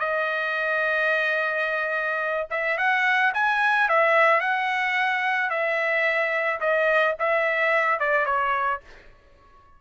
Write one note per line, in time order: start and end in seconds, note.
0.00 2.48 D#5
2.51 2.78 E5
2.78 3.33 F#5
3.35 3.89 G#5
3.89 4.41 E5
4.41 5.50 F#5
5.50 6.60 E5
6.61 7.16 D#5
7.20 8.00 E5
8.00 8.26 D5
8.26 8.81 C#5